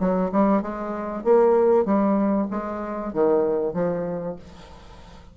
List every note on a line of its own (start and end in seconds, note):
0.00 0.31 F#3
0.32 0.62 G3
0.62 1.24 G#3
1.24 1.85 A#3
1.85 2.48 G3
2.51 3.13 G#3
3.13 3.74 D#3
3.74 4.36 F3